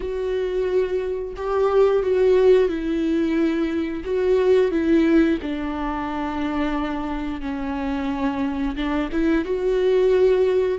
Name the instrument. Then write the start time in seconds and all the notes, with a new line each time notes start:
viola
0.00 F#4
1.36 G4
2.02 F#4
2.68 E4
4.04 F#4
4.71 E4
5.42 D4
7.40 C#4
8.75 D4
9.12 E4
9.44 F#4